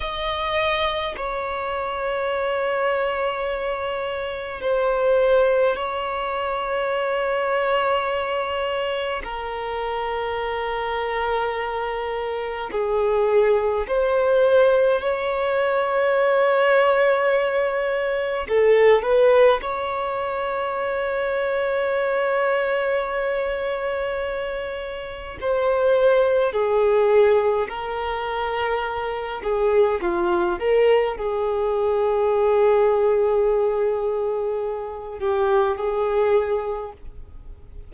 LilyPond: \new Staff \with { instrumentName = "violin" } { \time 4/4 \tempo 4 = 52 dis''4 cis''2. | c''4 cis''2. | ais'2. gis'4 | c''4 cis''2. |
a'8 b'8 cis''2.~ | cis''2 c''4 gis'4 | ais'4. gis'8 f'8 ais'8 gis'4~ | gis'2~ gis'8 g'8 gis'4 | }